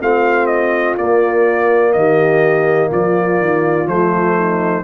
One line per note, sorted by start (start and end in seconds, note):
0.00 0.97 A3
0.00 0.98 C4
0.00 1.94 F4
0.00 0.46 F5
0.46 0.94 D#5
0.97 1.94 A#3
0.97 3.86 A#3
0.97 1.92 D5
1.92 2.91 D#3
1.92 2.90 G4
1.92 2.89 D#5
2.90 3.40 F3
2.90 4.35 F4
2.90 3.88 D5
3.40 3.86 D#3
3.86 4.83 F3
3.86 4.83 A3
3.86 4.84 C5
4.35 4.84 D#4